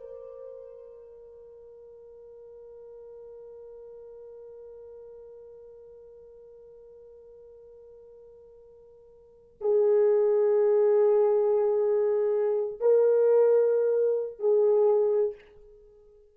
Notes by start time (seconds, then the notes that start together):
0.00 A#4
9.61 G#4
12.80 A#4
14.39 G#4